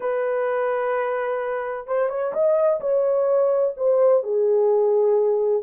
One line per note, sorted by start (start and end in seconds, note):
0.00 1.87 B4
1.87 2.09 C5
2.09 2.32 C#5
2.33 2.80 D#5
2.80 3.74 C#5
3.76 4.23 C5
4.23 5.62 G#4